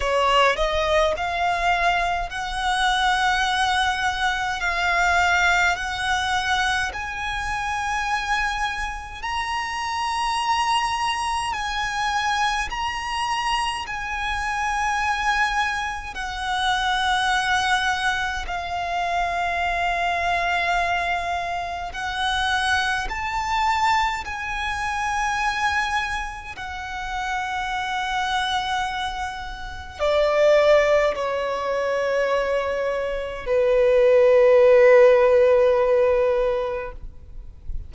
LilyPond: \new Staff \with { instrumentName = "violin" } { \time 4/4 \tempo 4 = 52 cis''8 dis''8 f''4 fis''2 | f''4 fis''4 gis''2 | ais''2 gis''4 ais''4 | gis''2 fis''2 |
f''2. fis''4 | a''4 gis''2 fis''4~ | fis''2 d''4 cis''4~ | cis''4 b'2. | }